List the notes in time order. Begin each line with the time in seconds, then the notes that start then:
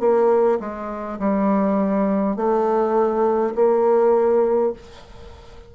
0.00 A#3
0.60 G#3
1.19 G3
2.36 A3
3.55 A#3